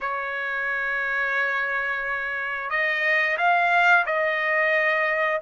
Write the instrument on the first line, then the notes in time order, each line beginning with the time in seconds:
trumpet
0.00 C#5
2.70 D#5
3.37 F5
4.06 D#5